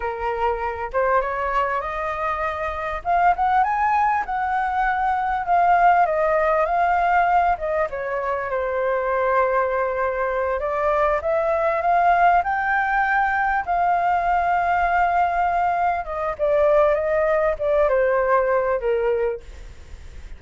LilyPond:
\new Staff \with { instrumentName = "flute" } { \time 4/4 \tempo 4 = 99 ais'4. c''8 cis''4 dis''4~ | dis''4 f''8 fis''8 gis''4 fis''4~ | fis''4 f''4 dis''4 f''4~ | f''8 dis''8 cis''4 c''2~ |
c''4. d''4 e''4 f''8~ | f''8 g''2 f''4.~ | f''2~ f''8 dis''8 d''4 | dis''4 d''8 c''4. ais'4 | }